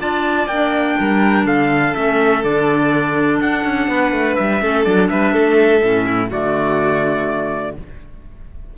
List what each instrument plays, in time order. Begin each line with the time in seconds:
0.00 cello D4, clarinet F4, violin D5, trumpet A5
0.47 cello A#3, clarinet D4, trumpet G5
1.00 cello G3, violin A#4
1.46 cello D3, violin A4, trumpet F5
1.94 cello A3, clarinet C#4, trumpet E5
2.44 cello D3, clarinet D4, trumpet D5
3.41 cello D4, trumpet F#5
3.65 cello C#4
3.88 cello B3, violin B4
4.12 cello A3
4.36 cello G3, trumpet E5
4.61 cello A3, clarinet C#4, violin A4
4.84 cello F#3, clarinet D4, trumpet D5
5.10 cello G3, violin B4, trumpet E5
5.34 cello A3, violin A4
5.82 cello A2, clarinet C#4
6.06 violin E4
6.30 cello D3, clarinet A3, violin F#4, trumpet D5